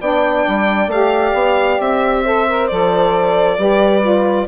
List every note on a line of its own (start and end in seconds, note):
0.00 0.45 B3
0.00 0.90 D4
0.00 2.23 D5
0.00 0.90 G5
0.47 0.87 G3
0.87 1.31 A3
0.87 2.24 G4
0.87 1.81 F5
1.33 1.78 B3
1.80 2.69 C4
1.80 2.67 E5
2.23 2.47 A4
2.23 3.58 C5
2.48 2.69 A#4
2.67 3.58 F3
2.67 3.57 A4
2.67 4.46 D5
3.57 4.47 G3
3.57 4.01 G4
3.57 4.47 B4
4.01 4.46 F4